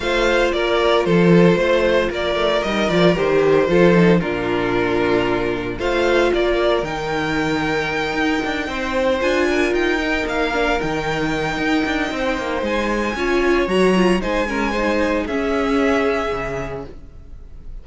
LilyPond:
<<
  \new Staff \with { instrumentName = "violin" } { \time 4/4 \tempo 4 = 114 f''4 d''4 c''2 | d''4 dis''8 d''8 c''2 | ais'2. f''4 | d''4 g''2.~ |
g''4. gis''4 g''4 f''8~ | f''8 g''2.~ g''8 | gis''2 ais''4 gis''4~ | gis''4 e''2. | }
  \new Staff \with { instrumentName = "violin" } { \time 4/4 c''4 ais'4 a'4 c''4 | ais'2. a'4 | f'2. c''4 | ais'1~ |
ais'8 c''4. ais'2~ | ais'2. c''4~ | c''4 cis''2 c''8 ais'8 | c''4 gis'2. | }
  \new Staff \with { instrumentName = "viola" } { \time 4/4 f'1~ | f'4 dis'8 f'8 g'4 f'8 dis'8 | d'2. f'4~ | f'4 dis'2.~ |
dis'4. f'4. dis'4 | d'8 dis'2.~ dis'8~ | dis'4 f'4 fis'8 f'8 dis'8 cis'8 | dis'4 cis'2. | }
  \new Staff \with { instrumentName = "cello" } { \time 4/4 a4 ais4 f4 a4 | ais8 a8 g8 f8 dis4 f4 | ais,2. a4 | ais4 dis2~ dis8 dis'8 |
d'8 c'4 d'4 dis'4 ais8~ | ais8 dis4. dis'8 d'8 c'8 ais8 | gis4 cis'4 fis4 gis4~ | gis4 cis'2 cis4 | }
>>